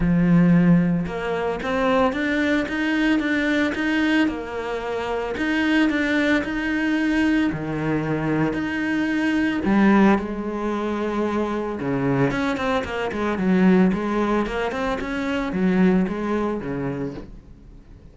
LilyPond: \new Staff \with { instrumentName = "cello" } { \time 4/4 \tempo 4 = 112 f2 ais4 c'4 | d'4 dis'4 d'4 dis'4 | ais2 dis'4 d'4 | dis'2 dis2 |
dis'2 g4 gis4~ | gis2 cis4 cis'8 c'8 | ais8 gis8 fis4 gis4 ais8 c'8 | cis'4 fis4 gis4 cis4 | }